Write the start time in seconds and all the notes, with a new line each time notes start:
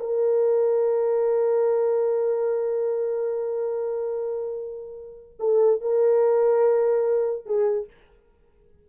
0.00 A#4
5.40 A4
5.81 A#4
7.46 G#4